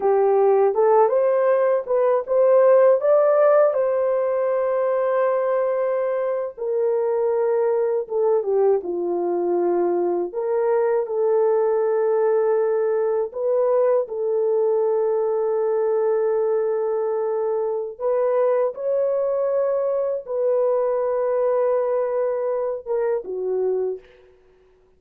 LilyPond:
\new Staff \with { instrumentName = "horn" } { \time 4/4 \tempo 4 = 80 g'4 a'8 c''4 b'8 c''4 | d''4 c''2.~ | c''8. ais'2 a'8 g'8 f'16~ | f'4.~ f'16 ais'4 a'4~ a'16~ |
a'4.~ a'16 b'4 a'4~ a'16~ | a'1 | b'4 cis''2 b'4~ | b'2~ b'8 ais'8 fis'4 | }